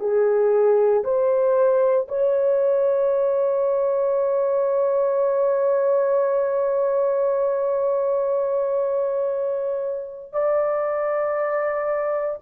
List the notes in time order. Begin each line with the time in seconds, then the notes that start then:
0.00 G#4
1.04 C5
2.08 C#5
10.33 D5